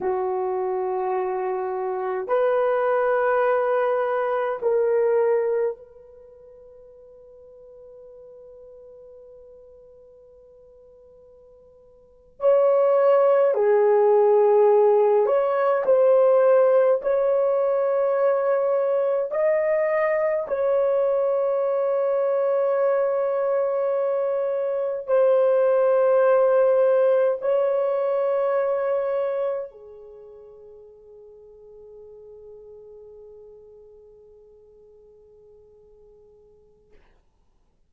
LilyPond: \new Staff \with { instrumentName = "horn" } { \time 4/4 \tempo 4 = 52 fis'2 b'2 | ais'4 b'2.~ | b'2~ b'8. cis''4 gis'16~ | gis'4~ gis'16 cis''8 c''4 cis''4~ cis''16~ |
cis''8. dis''4 cis''2~ cis''16~ | cis''4.~ cis''16 c''2 cis''16~ | cis''4.~ cis''16 gis'2~ gis'16~ | gis'1 | }